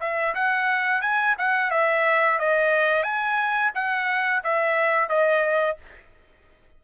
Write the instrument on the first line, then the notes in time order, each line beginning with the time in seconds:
trumpet
0.00 E5
0.35 F#5
1.01 G#5
1.38 F#5
1.71 E5
2.39 D#5
3.03 G#5
3.75 F#5
4.44 E5
5.09 D#5